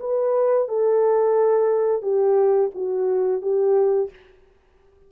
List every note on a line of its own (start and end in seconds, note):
0.00 0.68 B4
0.68 2.02 A4
2.02 2.71 G4
2.75 3.42 F#4
3.42 4.10 G4